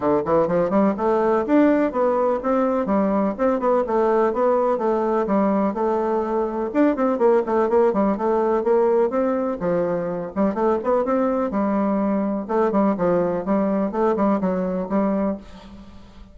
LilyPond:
\new Staff \with { instrumentName = "bassoon" } { \time 4/4 \tempo 4 = 125 d8 e8 f8 g8 a4 d'4 | b4 c'4 g4 c'8 b8 | a4 b4 a4 g4 | a2 d'8 c'8 ais8 a8 |
ais8 g8 a4 ais4 c'4 | f4. g8 a8 b8 c'4 | g2 a8 g8 f4 | g4 a8 g8 fis4 g4 | }